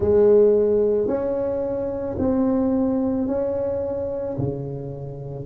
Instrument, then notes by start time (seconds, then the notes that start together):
tuba
0.00 G#3
1.07 C#4
2.18 C4
3.27 C#4
4.37 C#3